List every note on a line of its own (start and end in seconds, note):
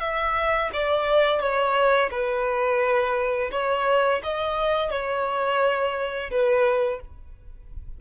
0.00 0.70 E5
0.73 1.40 D5
1.40 2.10 C#5
2.10 3.50 B4
3.51 4.21 C#5
4.23 4.90 D#5
4.90 6.30 C#5
6.30 7.00 B4